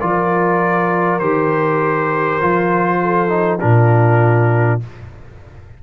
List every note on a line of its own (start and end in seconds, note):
0.00 1.20 F3
0.00 1.20 F4
0.00 3.00 A#4
0.00 1.19 D5
1.19 2.40 D#3
1.19 2.41 G4
1.19 3.58 C5
2.41 3.62 F3
2.41 3.28 F4
3.01 3.61 A4
3.28 3.58 D#4
3.60 4.83 A#2
3.60 4.80 D4
3.60 4.82 F4
3.60 4.79 A#4